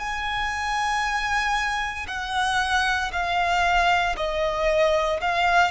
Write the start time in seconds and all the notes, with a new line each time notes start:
0.00 G#5
2.08 F#5
3.13 F5
4.18 D#5
5.21 F5